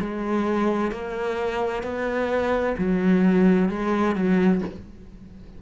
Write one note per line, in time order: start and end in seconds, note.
0.00 0.91 G#3
0.91 1.83 A#3
1.83 2.75 B3
2.78 3.69 F#3
3.69 4.15 G#3
4.15 4.61 F#3